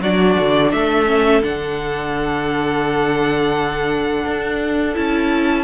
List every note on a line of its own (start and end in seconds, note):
0.00 0.35 F#3
0.00 1.05 D4
0.00 0.71 F#4
0.00 0.71 D5
0.39 0.72 D3
0.71 1.43 A3
0.71 5.64 A4
0.71 1.42 E5
1.05 1.41 C#4
1.42 4.25 D3
1.42 4.94 D4
1.42 4.96 F#5
4.26 4.96 D4
4.94 5.64 C#4
4.94 5.64 E4
4.94 5.64 A5